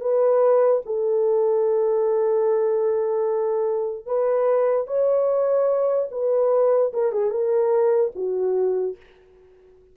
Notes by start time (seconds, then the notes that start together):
0.00 B4
0.85 A4
4.06 B4
4.87 C#5
6.11 B4
6.93 A#4
7.12 G#4
7.30 A#4
8.15 F#4